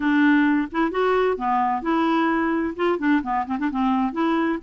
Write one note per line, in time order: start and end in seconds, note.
0.00 0.68 D4
0.71 0.91 E4
0.91 1.37 F#4
1.37 1.82 B3
1.82 2.74 E4
2.76 2.99 F4
2.99 3.22 D4
3.23 3.46 B3
3.46 3.58 C4
3.59 3.70 D4
3.70 4.12 C4
4.12 4.58 E4